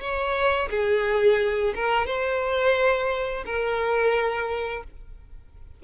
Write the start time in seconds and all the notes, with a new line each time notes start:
0.00 C#5
0.70 G#4
1.75 A#4
2.06 C5
3.45 A#4